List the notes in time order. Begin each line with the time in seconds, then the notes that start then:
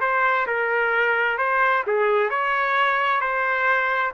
0.00 C5
0.46 A#4
1.38 C5
1.87 G#4
2.29 C#5
3.20 C5